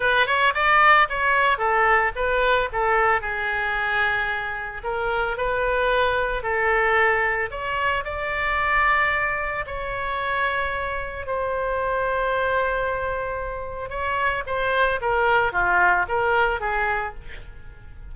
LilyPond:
\new Staff \with { instrumentName = "oboe" } { \time 4/4 \tempo 4 = 112 b'8 cis''8 d''4 cis''4 a'4 | b'4 a'4 gis'2~ | gis'4 ais'4 b'2 | a'2 cis''4 d''4~ |
d''2 cis''2~ | cis''4 c''2.~ | c''2 cis''4 c''4 | ais'4 f'4 ais'4 gis'4 | }